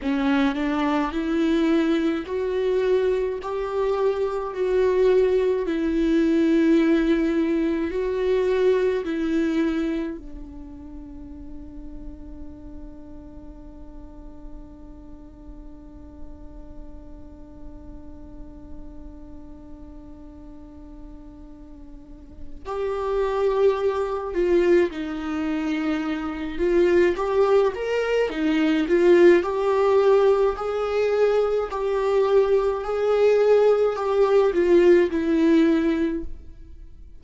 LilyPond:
\new Staff \with { instrumentName = "viola" } { \time 4/4 \tempo 4 = 53 cis'8 d'8 e'4 fis'4 g'4 | fis'4 e'2 fis'4 | e'4 d'2.~ | d'1~ |
d'1 | g'4. f'8 dis'4. f'8 | g'8 ais'8 dis'8 f'8 g'4 gis'4 | g'4 gis'4 g'8 f'8 e'4 | }